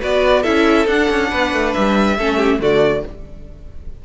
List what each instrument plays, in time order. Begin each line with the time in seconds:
0.00 cello B3, viola F#4, violin B4 D5
0.42 cello C#4, viola E4, violin A4 E5
0.87 cello D4, viola D4, violin F#5
1.10 cello C#4
1.31 cello B3, violin B4
1.53 cello A3
1.74 cello G3, violin E5
2.17 cello A3, viola C#4, violin A4
2.37 violin G4
2.60 cello D3, viola A3, violin F#4 D5